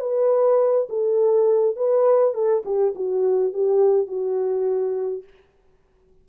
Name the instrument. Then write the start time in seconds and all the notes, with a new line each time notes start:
horn
0.00 B4
0.89 A4
1.76 B4
2.34 A4
2.65 G4
2.95 F#4
3.53 G4
4.07 F#4